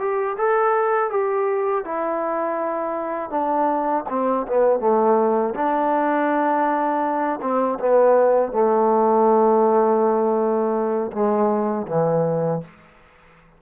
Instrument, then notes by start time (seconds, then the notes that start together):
trombone
0.00 G4
0.38 A4
1.11 G4
1.85 E4
3.31 D4
4.10 C4
4.48 B3
4.80 A3
5.55 D4
7.42 C4
7.80 B3
8.53 A3
11.13 G#3
11.88 E3